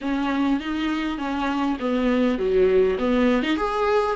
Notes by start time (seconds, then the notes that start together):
0.01 C#4
0.60 D#4
1.17 C#4
1.79 B3
2.38 F#3
2.98 B3
3.42 D#4
3.56 G#4